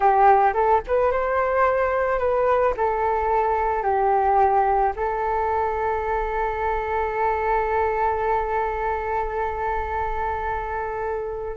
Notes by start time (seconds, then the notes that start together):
0.00 G4
0.53 A4
0.87 B4
1.11 C5
2.18 B4
2.76 A4
3.83 G4
4.95 A4